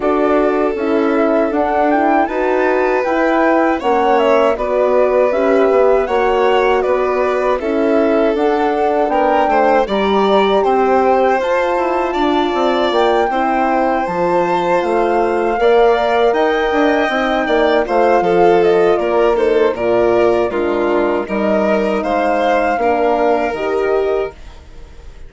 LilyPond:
<<
  \new Staff \with { instrumentName = "flute" } { \time 4/4 \tempo 4 = 79 d''4 e''4 fis''8 g''8 a''4 | g''4 fis''8 e''8 d''4 e''4 | fis''4 d''4 e''4 fis''4 | g''4 ais''4 g''4 a''4~ |
a''4 g''4. a''4 f''8~ | f''4. g''2 f''8~ | f''8 dis''8 d''8 c''8 d''4 ais'4 | dis''4 f''2 dis''4 | }
  \new Staff \with { instrumentName = "violin" } { \time 4/4 a'2. b'4~ | b'4 cis''4 b'2 | cis''4 b'4 a'2 | ais'8 c''8 d''4 c''2 |
d''4. c''2~ c''8~ | c''8 d''4 dis''4. d''8 c''8 | a'4 ais'8 a'8 ais'4 f'4 | ais'4 c''4 ais'2 | }
  \new Staff \with { instrumentName = "horn" } { \time 4/4 fis'4 e'4 d'8 e'8 fis'4 | e'4 cis'4 fis'4 g'4 | fis'2 e'4 d'4~ | d'4 g'2 f'4~ |
f'4. e'4 f'4.~ | f'8 ais'2 dis'4 f'8~ | f'4. dis'8 f'4 d'4 | dis'2 d'4 g'4 | }
  \new Staff \with { instrumentName = "bassoon" } { \time 4/4 d'4 cis'4 d'4 dis'4 | e'4 ais4 b4 cis'8 b8 | ais4 b4 cis'4 d'4 | b8 a8 g4 c'4 f'8 e'8 |
d'8 c'8 ais8 c'4 f4 a8~ | a8 ais4 dis'8 d'8 c'8 ais8 a8 | f4 ais4 ais,4 gis4 | g4 gis4 ais4 dis4 | }
>>